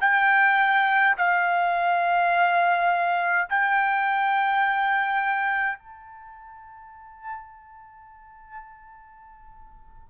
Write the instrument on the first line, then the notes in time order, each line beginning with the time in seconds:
trumpet
0.00 G5
1.17 F5
3.49 G5
5.78 A5